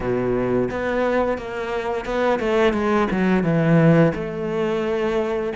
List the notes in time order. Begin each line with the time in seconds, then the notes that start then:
0.00 B2
0.70 B3
1.38 A#3
2.05 B3
2.39 A3
2.73 G#3
3.10 F#3
3.43 E3
4.14 A3